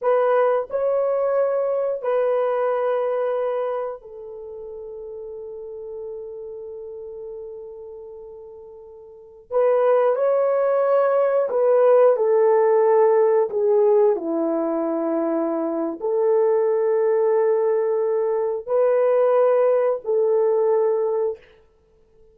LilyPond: \new Staff \with { instrumentName = "horn" } { \time 4/4 \tempo 4 = 90 b'4 cis''2 b'4~ | b'2 a'2~ | a'1~ | a'2~ a'16 b'4 cis''8.~ |
cis''4~ cis''16 b'4 a'4.~ a'16~ | a'16 gis'4 e'2~ e'8. | a'1 | b'2 a'2 | }